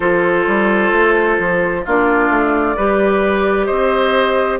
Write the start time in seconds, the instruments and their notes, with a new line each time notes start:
0.00 bassoon F3, clarinet F4, oboe A4, flute C5
0.47 bassoon G3
0.92 bassoon A3
1.38 bassoon F3
1.85 bassoon A#3, clarinet D4, oboe F4, flute D5
2.29 bassoon A3
2.76 bassoon G3, clarinet G4, oboe B4
3.65 bassoon C4, oboe C5, flute D#5